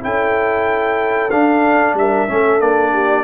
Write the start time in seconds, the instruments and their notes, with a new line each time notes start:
0.00 tuba C#4, trombone E4, horn A4, trumpet G5
1.30 trombone D4, tuba D4, trumpet F5
1.94 tuba G3, horn A#4, trumpet E5
2.28 tuba A3, trombone C#4, horn A4
2.59 tuba A#3, trombone D4, trumpet D5
2.92 horn G4